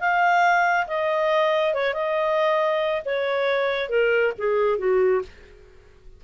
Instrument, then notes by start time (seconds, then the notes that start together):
clarinet
0.00 F5
0.87 D#5
1.74 C#5
1.93 D#5
3.05 C#5
3.89 A#4
4.38 G#4
4.78 F#4